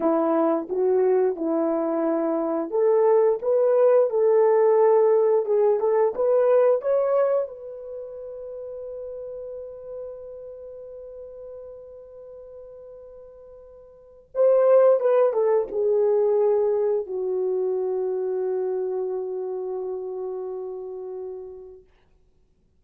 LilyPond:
\new Staff \with { instrumentName = "horn" } { \time 4/4 \tempo 4 = 88 e'4 fis'4 e'2 | a'4 b'4 a'2 | gis'8 a'8 b'4 cis''4 b'4~ | b'1~ |
b'1~ | b'4 c''4 b'8 a'8 gis'4~ | gis'4 fis'2.~ | fis'1 | }